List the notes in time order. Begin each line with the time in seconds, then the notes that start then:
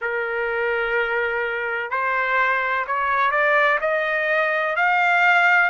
0.01 A#4
1.90 C5
2.86 C#5
3.31 D5
3.81 D#5
4.76 F5